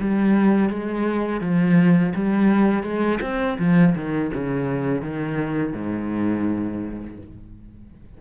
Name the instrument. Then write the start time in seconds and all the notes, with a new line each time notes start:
cello
0.00 G3
0.69 G#3
1.41 F3
2.15 G3
2.83 G#3
3.21 C4
3.59 F3
3.95 D#3
4.34 C#3
5.01 D#3
5.73 G#2